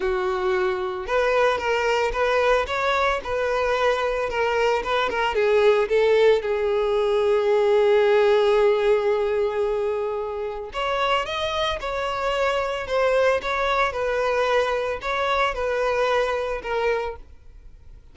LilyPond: \new Staff \with { instrumentName = "violin" } { \time 4/4 \tempo 4 = 112 fis'2 b'4 ais'4 | b'4 cis''4 b'2 | ais'4 b'8 ais'8 gis'4 a'4 | gis'1~ |
gis'1 | cis''4 dis''4 cis''2 | c''4 cis''4 b'2 | cis''4 b'2 ais'4 | }